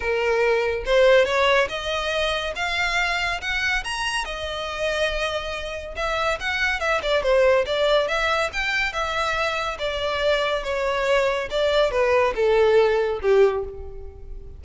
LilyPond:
\new Staff \with { instrumentName = "violin" } { \time 4/4 \tempo 4 = 141 ais'2 c''4 cis''4 | dis''2 f''2 | fis''4 ais''4 dis''2~ | dis''2 e''4 fis''4 |
e''8 d''8 c''4 d''4 e''4 | g''4 e''2 d''4~ | d''4 cis''2 d''4 | b'4 a'2 g'4 | }